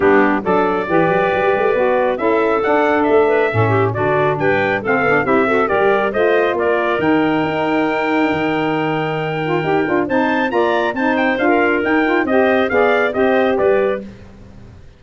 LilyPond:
<<
  \new Staff \with { instrumentName = "trumpet" } { \time 4/4 \tempo 4 = 137 g'4 d''2.~ | d''4 e''4 fis''4 e''4~ | e''4 d''4 g''4 f''4 | e''4 d''4 dis''4 d''4 |
g''1~ | g''2. a''4 | ais''4 a''8 g''8 f''4 g''4 | dis''4 f''4 dis''4 d''4 | }
  \new Staff \with { instrumentName = "clarinet" } { \time 4/4 d'4 a'4 b'2~ | b'4 a'2~ a'8 b'8 | a'8 g'8 fis'4 b'4 a'4 | g'8 a'8 ais'4 c''4 ais'4~ |
ais'1~ | ais'2. c''4 | d''4 c''4~ c''16 ais'4.~ ais'16 | c''4 d''4 c''4 b'4 | }
  \new Staff \with { instrumentName = "saxophone" } { \time 4/4 b4 d'4 g'2 | fis'4 e'4 d'2 | cis'4 d'2 c'8 d'8 | e'8 fis'8 g'4 f'2 |
dis'1~ | dis'4. f'8 g'8 f'8 dis'4 | f'4 dis'4 f'4 dis'8 f'8 | g'4 gis'4 g'2 | }
  \new Staff \with { instrumentName = "tuba" } { \time 4/4 g4 fis4 e8 fis8 g8 a8 | b4 cis'4 d'4 a4 | a,4 d4 g4 a8 b8 | c'4 g4 a4 ais4 |
dis4 dis'2 dis4~ | dis2 dis'8 d'8 c'4 | ais4 c'4 d'4 dis'4 | c'4 b4 c'4 g4 | }
>>